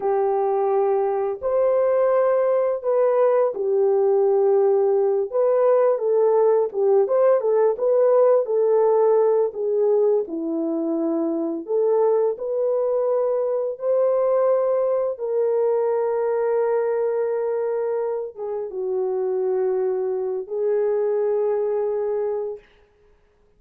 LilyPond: \new Staff \with { instrumentName = "horn" } { \time 4/4 \tempo 4 = 85 g'2 c''2 | b'4 g'2~ g'8 b'8~ | b'8 a'4 g'8 c''8 a'8 b'4 | a'4. gis'4 e'4.~ |
e'8 a'4 b'2 c''8~ | c''4. ais'2~ ais'8~ | ais'2 gis'8 fis'4.~ | fis'4 gis'2. | }